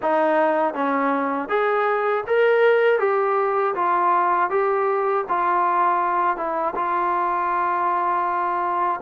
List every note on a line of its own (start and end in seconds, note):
0.01 0.73 D#4
0.73 1.48 C#4
1.48 2.23 G#4
2.26 2.99 A#4
2.99 3.74 G4
3.75 4.50 F4
4.50 5.25 G4
5.28 6.36 F4
6.36 6.74 E4
6.75 9.00 F4